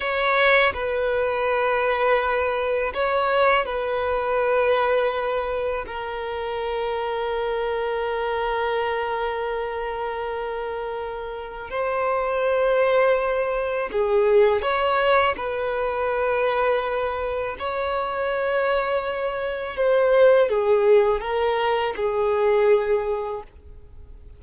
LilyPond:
\new Staff \with { instrumentName = "violin" } { \time 4/4 \tempo 4 = 82 cis''4 b'2. | cis''4 b'2. | ais'1~ | ais'1 |
c''2. gis'4 | cis''4 b'2. | cis''2. c''4 | gis'4 ais'4 gis'2 | }